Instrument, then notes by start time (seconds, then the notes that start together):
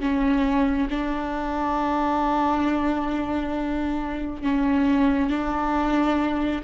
viola
0.00 C#4
0.90 D4
4.43 C#4
5.30 D4